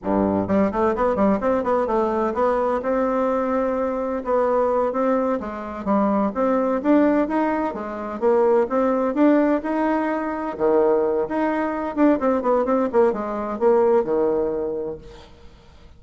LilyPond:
\new Staff \with { instrumentName = "bassoon" } { \time 4/4 \tempo 4 = 128 g,4 g8 a8 b8 g8 c'8 b8 | a4 b4 c'2~ | c'4 b4. c'4 gis8~ | gis8 g4 c'4 d'4 dis'8~ |
dis'8 gis4 ais4 c'4 d'8~ | d'8 dis'2 dis4. | dis'4. d'8 c'8 b8 c'8 ais8 | gis4 ais4 dis2 | }